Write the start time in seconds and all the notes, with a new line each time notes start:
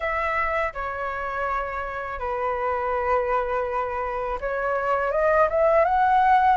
0.00 E5
0.73 C#5
2.19 B4
4.40 C#5
5.11 D#5
5.49 E5
5.84 F#5